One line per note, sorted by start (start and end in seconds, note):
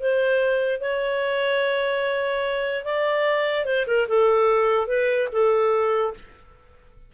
0.00 0.81 C5
0.81 2.85 C#5
2.85 3.65 D5
3.65 3.86 C5
3.87 4.07 A#4
4.08 4.87 A4
4.87 5.28 B4
5.32 6.14 A4